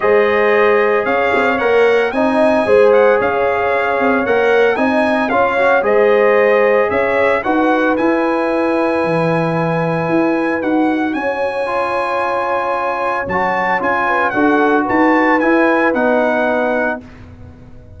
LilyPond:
<<
  \new Staff \with { instrumentName = "trumpet" } { \time 4/4 \tempo 4 = 113 dis''2 f''4 fis''4 | gis''4. fis''8 f''2 | fis''4 gis''4 f''4 dis''4~ | dis''4 e''4 fis''4 gis''4~ |
gis''1 | fis''4 gis''2.~ | gis''4 a''4 gis''4 fis''4 | a''4 gis''4 fis''2 | }
  \new Staff \with { instrumentName = "horn" } { \time 4/4 c''2 cis''2 | dis''4 c''4 cis''2~ | cis''4 dis''4 cis''4 c''4~ | c''4 cis''4 b'2~ |
b'1~ | b'4 cis''2.~ | cis''2~ cis''8 b'8 a'4 | b'1 | }
  \new Staff \with { instrumentName = "trombone" } { \time 4/4 gis'2. ais'4 | dis'4 gis'2. | ais'4 dis'4 f'8 fis'8 gis'4~ | gis'2 fis'4 e'4~ |
e'1 | fis'2 f'2~ | f'4 fis'4 f'4 fis'4~ | fis'4 e'4 dis'2 | }
  \new Staff \with { instrumentName = "tuba" } { \time 4/4 gis2 cis'8 c'8 ais4 | c'4 gis4 cis'4. c'8 | ais4 c'4 cis'4 gis4~ | gis4 cis'4 dis'4 e'4~ |
e'4 e2 e'4 | dis'4 cis'2.~ | cis'4 fis4 cis'4 d'4 | dis'4 e'4 b2 | }
>>